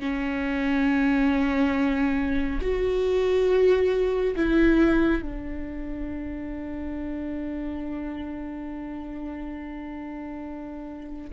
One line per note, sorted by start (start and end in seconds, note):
0.00 2.61 C#4
2.62 4.36 F#4
4.36 5.22 E4
5.22 11.31 D4